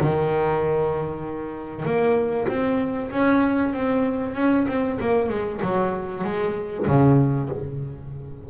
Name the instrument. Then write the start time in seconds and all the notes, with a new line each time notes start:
double bass
0.00 D#3
1.85 A#3
2.48 C4
3.11 C#4
3.73 C4
4.35 C#4
4.67 C4
5.00 A#3
5.29 G#3
5.61 F#3
6.24 G#3
6.87 C#3